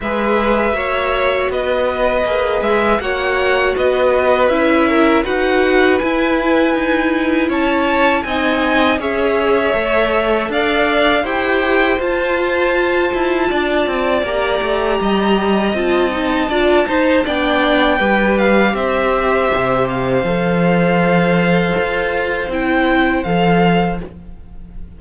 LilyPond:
<<
  \new Staff \with { instrumentName = "violin" } { \time 4/4 \tempo 4 = 80 e''2 dis''4. e''8 | fis''4 dis''4 e''4 fis''4 | gis''2 a''4 gis''4 | e''2 f''4 g''4 |
a''2. ais''4~ | ais''4 a''2 g''4~ | g''8 f''8 e''4. f''4.~ | f''2 g''4 f''4 | }
  \new Staff \with { instrumentName = "violin" } { \time 4/4 b'4 cis''4 b'2 | cis''4 b'4. ais'8 b'4~ | b'2 cis''4 dis''4 | cis''2 d''4 c''4~ |
c''2 d''2 | dis''2 d''8 c''8 d''4 | b'4 c''2.~ | c''1 | }
  \new Staff \with { instrumentName = "viola" } { \time 4/4 gis'4 fis'2 gis'4 | fis'2 e'4 fis'4 | e'2. dis'4 | gis'4 a'2 g'4 |
f'2. g'4~ | g'4 f'8 dis'8 f'8 dis'8 d'4 | g'2. a'4~ | a'2 e'4 a'4 | }
  \new Staff \with { instrumentName = "cello" } { \time 4/4 gis4 ais4 b4 ais8 gis8 | ais4 b4 cis'4 dis'4 | e'4 dis'4 cis'4 c'4 | cis'4 a4 d'4 e'4 |
f'4. e'8 d'8 c'8 ais8 a8 | g4 c'4 d'8 dis'8 b4 | g4 c'4 c4 f4~ | f4 f'4 c'4 f4 | }
>>